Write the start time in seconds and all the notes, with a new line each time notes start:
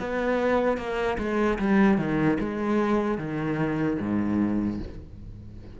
0.00 B3
0.77 A#3
1.18 G#3
1.59 G3
1.98 D#3
2.40 G#3
3.18 D#3
3.99 G#2